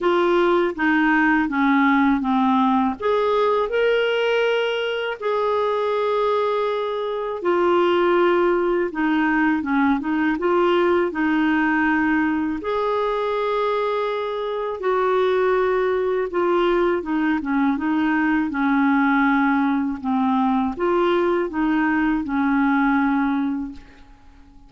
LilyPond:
\new Staff \with { instrumentName = "clarinet" } { \time 4/4 \tempo 4 = 81 f'4 dis'4 cis'4 c'4 | gis'4 ais'2 gis'4~ | gis'2 f'2 | dis'4 cis'8 dis'8 f'4 dis'4~ |
dis'4 gis'2. | fis'2 f'4 dis'8 cis'8 | dis'4 cis'2 c'4 | f'4 dis'4 cis'2 | }